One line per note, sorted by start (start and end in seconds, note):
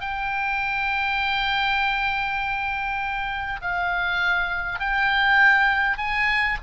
0.00 3.60 G5
3.61 4.79 F5
4.79 5.97 G5
5.97 6.57 G#5